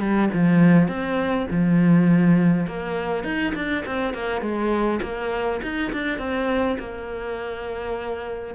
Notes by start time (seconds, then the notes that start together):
0.00 G3
0.34 F3
0.89 C4
1.51 F3
2.67 A#3
3.24 D#4
3.55 D4
3.86 C4
4.14 A#3
4.42 G#3
5.02 A#3
5.63 D#4
5.93 D4
6.19 C4
6.79 A#3